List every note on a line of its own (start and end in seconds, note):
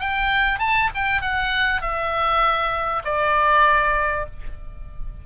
0.00 0.60 G5
0.60 0.90 A5
0.95 1.22 G5
1.22 1.82 F#5
1.82 3.03 E5
3.05 4.26 D5